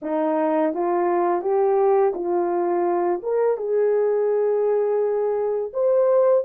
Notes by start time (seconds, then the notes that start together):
0.02 D#4
0.73 F4
1.41 G4
2.14 F4
3.22 A#4
3.57 G#4
5.73 C5